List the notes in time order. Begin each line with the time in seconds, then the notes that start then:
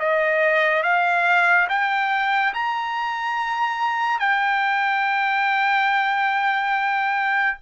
0.00 D#5
0.83 F5
1.69 G5
2.54 A#5
4.20 G5